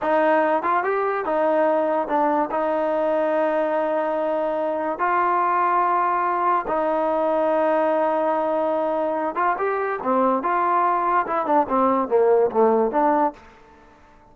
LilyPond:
\new Staff \with { instrumentName = "trombone" } { \time 4/4 \tempo 4 = 144 dis'4. f'8 g'4 dis'4~ | dis'4 d'4 dis'2~ | dis'1 | f'1 |
dis'1~ | dis'2~ dis'8 f'8 g'4 | c'4 f'2 e'8 d'8 | c'4 ais4 a4 d'4 | }